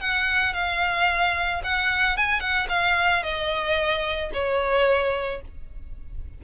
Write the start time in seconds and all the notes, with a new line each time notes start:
0.00 F#5
0.53 F5
1.64 F#5
2.17 G#5
2.40 F#5
2.69 F5
3.23 D#5
4.33 C#5